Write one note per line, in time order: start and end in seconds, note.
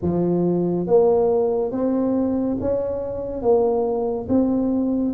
0.02 0.86 F3
0.86 1.71 A#3
1.71 2.57 C4
2.60 3.41 C#4
3.41 4.27 A#3
4.28 5.14 C4